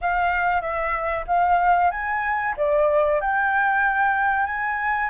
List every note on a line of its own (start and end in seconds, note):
0.01 0.61 F5
0.61 1.24 E5
1.27 1.90 F5
1.90 2.54 G#5
2.56 3.20 D5
3.21 4.46 G5
4.46 5.09 G#5